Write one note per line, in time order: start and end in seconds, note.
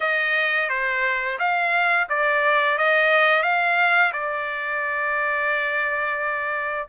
0.00 0.69 D#5
0.69 1.38 C5
1.38 2.07 F5
2.09 2.77 D5
2.77 3.43 D#5
3.43 4.12 F5
4.12 6.88 D5